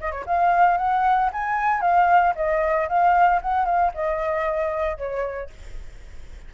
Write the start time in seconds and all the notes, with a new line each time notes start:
0.00 D#5
0.11 C#5
0.26 F5
0.77 F#5
1.33 G#5
1.81 F5
2.35 D#5
2.88 F5
3.41 F#5
3.65 F5
3.94 D#5
4.97 C#5